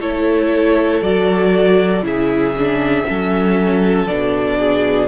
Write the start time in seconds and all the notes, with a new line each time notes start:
0.00 A3 E4 A4 C#5
1.02 F#3 F#4 D5
2.03 C#3 E4 G#4 E5
2.58 D4
3.05 F#3 C#4 A4
4.07 B2 D4 D5
4.59 G#4